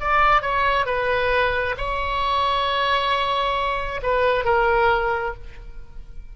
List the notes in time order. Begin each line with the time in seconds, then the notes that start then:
0.00 D5
0.42 C#5
0.85 B4
1.77 C#5
4.03 B4
4.45 A#4